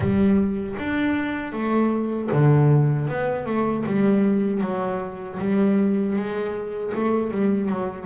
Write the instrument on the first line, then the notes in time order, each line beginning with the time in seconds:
double bass
0.00 G3
0.78 D4
1.52 A3
2.31 D3
3.08 B3
3.45 A3
3.85 G3
4.61 F#3
5.38 G3
6.15 G#3
6.94 A3
7.31 G3
7.69 F#3